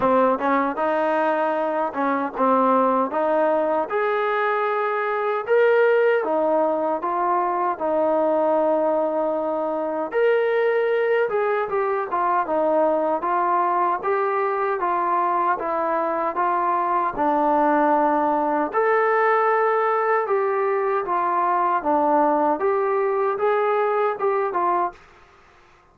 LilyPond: \new Staff \with { instrumentName = "trombone" } { \time 4/4 \tempo 4 = 77 c'8 cis'8 dis'4. cis'8 c'4 | dis'4 gis'2 ais'4 | dis'4 f'4 dis'2~ | dis'4 ais'4. gis'8 g'8 f'8 |
dis'4 f'4 g'4 f'4 | e'4 f'4 d'2 | a'2 g'4 f'4 | d'4 g'4 gis'4 g'8 f'8 | }